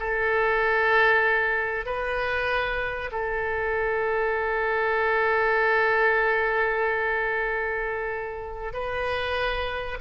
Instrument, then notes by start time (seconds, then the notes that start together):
oboe
0.00 A4
1.86 B4
3.12 A4
8.74 B4